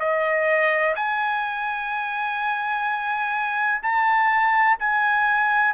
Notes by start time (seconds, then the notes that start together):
0.00 D#5
0.96 G#5
3.83 A5
4.80 G#5